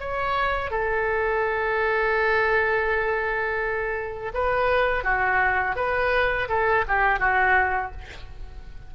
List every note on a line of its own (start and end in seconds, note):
0.00 0.71 C#5
0.71 4.32 A4
4.34 5.04 B4
5.04 5.76 F#4
5.76 6.48 B4
6.49 6.85 A4
6.88 7.20 G4
7.20 7.92 F#4